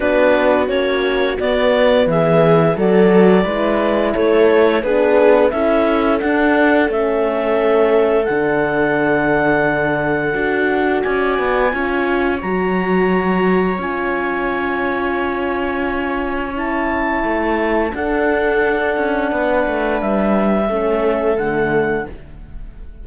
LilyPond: <<
  \new Staff \with { instrumentName = "clarinet" } { \time 4/4 \tempo 4 = 87 b'4 cis''4 d''4 e''4 | d''2 cis''4 b'4 | e''4 fis''4 e''2 | fis''1 |
gis''2 ais''2 | gis''1 | a''2 fis''2~ | fis''4 e''2 fis''4 | }
  \new Staff \with { instrumentName = "viola" } { \time 4/4 fis'2. gis'4 | a'4 b'4 a'4 gis'4 | a'1~ | a'1 |
d''4 cis''2.~ | cis''1~ | cis''2 a'2 | b'2 a'2 | }
  \new Staff \with { instrumentName = "horn" } { \time 4/4 d'4 cis'4 b2 | fis'4 e'2 d'4 | e'4 d'4 cis'2 | d'2. fis'4~ |
fis'4 f'4 fis'2 | f'1 | e'2 d'2~ | d'2 cis'4 a4 | }
  \new Staff \with { instrumentName = "cello" } { \time 4/4 b4 ais4 b4 e4 | fis4 gis4 a4 b4 | cis'4 d'4 a2 | d2. d'4 |
cis'8 b8 cis'4 fis2 | cis'1~ | cis'4 a4 d'4. cis'8 | b8 a8 g4 a4 d4 | }
>>